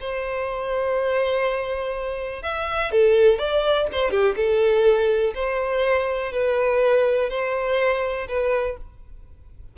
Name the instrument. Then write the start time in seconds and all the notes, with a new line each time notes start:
violin
0.00 C5
2.42 E5
2.91 A4
3.38 D5
3.92 C5
4.10 G4
4.36 A4
5.35 C5
6.32 B4
7.30 C5
8.28 B4